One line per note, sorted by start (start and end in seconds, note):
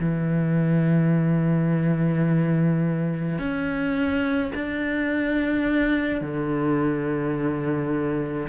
0.00 3.39 E3
3.39 4.52 C#4
4.55 6.21 D4
6.21 8.48 D3